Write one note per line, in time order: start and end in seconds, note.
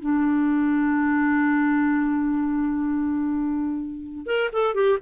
0.00 4.27 D4
4.27 4.51 A#4
4.53 4.75 A4
4.75 4.99 G4